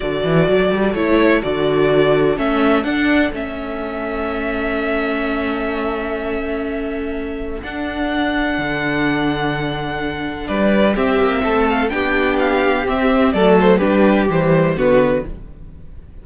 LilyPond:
<<
  \new Staff \with { instrumentName = "violin" } { \time 4/4 \tempo 4 = 126 d''2 cis''4 d''4~ | d''4 e''4 fis''4 e''4~ | e''1~ | e''1 |
fis''1~ | fis''2 d''4 e''4~ | e''8 f''8 g''4 f''4 e''4 | d''8 c''8 b'4 c''4 b'4 | }
  \new Staff \with { instrumentName = "violin" } { \time 4/4 a'1~ | a'1~ | a'1~ | a'1~ |
a'1~ | a'2 b'4 g'4 | a'4 g'2. | a'4 g'2 fis'4 | }
  \new Staff \with { instrumentName = "viola" } { \time 4/4 fis'2 e'4 fis'4~ | fis'4 cis'4 d'4 cis'4~ | cis'1~ | cis'1 |
d'1~ | d'2. c'4~ | c'4 d'2 c'4 | a4 d'4 g4 b4 | }
  \new Staff \with { instrumentName = "cello" } { \time 4/4 d8 e8 fis8 g8 a4 d4~ | d4 a4 d'4 a4~ | a1~ | a1 |
d'2 d2~ | d2 g4 c'8 ais8 | a4 b2 c'4 | fis4 g4 e4 d4 | }
>>